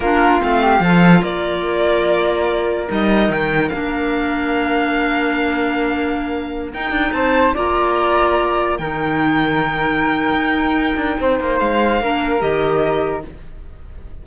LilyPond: <<
  \new Staff \with { instrumentName = "violin" } { \time 4/4 \tempo 4 = 145 ais'4 f''2 d''4~ | d''2. dis''4 | g''4 f''2.~ | f''1~ |
f''16 g''4 a''4 ais''4.~ ais''16~ | ais''4~ ais''16 g''2~ g''8.~ | g''1 | f''2 dis''2 | }
  \new Staff \with { instrumentName = "flute" } { \time 4/4 f'4. g'8 a'4 ais'4~ | ais'1~ | ais'1~ | ais'1~ |
ais'4~ ais'16 c''4 d''4.~ d''16~ | d''4~ d''16 ais'2~ ais'8.~ | ais'2. c''4~ | c''4 ais'2. | }
  \new Staff \with { instrumentName = "clarinet" } { \time 4/4 d'4 c'4 f'2~ | f'2. dis'4~ | dis'4 d'2.~ | d'1~ |
d'16 dis'2 f'4.~ f'16~ | f'4~ f'16 dis'2~ dis'8.~ | dis'1~ | dis'4 d'4 g'2 | }
  \new Staff \with { instrumentName = "cello" } { \time 4/4 ais4 a4 f4 ais4~ | ais2. g4 | dis4 ais2.~ | ais1~ |
ais16 dis'8 d'8 c'4 ais4.~ ais16~ | ais4~ ais16 dis2~ dis8.~ | dis4 dis'4. d'8 c'8 ais8 | gis4 ais4 dis2 | }
>>